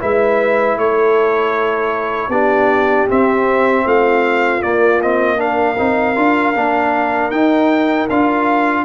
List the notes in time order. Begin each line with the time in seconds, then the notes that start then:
0.00 G#3 E4 B4 E5
0.77 A3 A4 C#5
2.29 B3 D4 G4 D5
3.09 C4 E5
3.86 A3 F4 F5
4.62 A#3 D5
5.02 C4 D#5
5.38 D4 A#4 F5
5.78 C4 D#4
6.16 D4 F4
6.55 A#3 D4
7.31 D#4 G5
8.10 D4 F4 F5